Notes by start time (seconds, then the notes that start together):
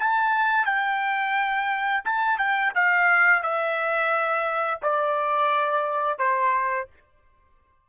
0.00 A5
0.66 G5
2.05 A5
2.39 G5
2.75 F5
3.43 E5
4.83 D5
6.19 C5